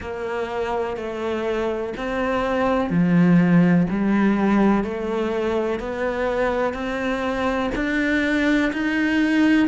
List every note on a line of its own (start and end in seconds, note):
0.00 0.97 A#3
0.97 1.94 A3
1.96 2.90 C4
2.90 3.87 F3
3.90 4.84 G3
4.84 5.79 A3
5.79 6.73 B3
6.73 7.70 C4
7.75 8.72 D4
8.72 9.68 D#4